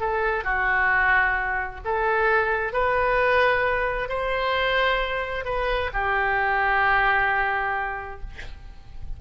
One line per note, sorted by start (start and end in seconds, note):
0.00 0.44 A4
0.44 1.81 F#4
1.85 2.73 A4
2.73 4.09 B4
4.09 5.45 C5
5.45 5.90 B4
5.93 8.20 G4